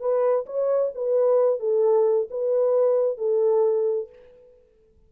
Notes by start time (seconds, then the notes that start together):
0.00 B4
0.46 C#5
0.95 B4
1.60 A4
2.30 B4
3.18 A4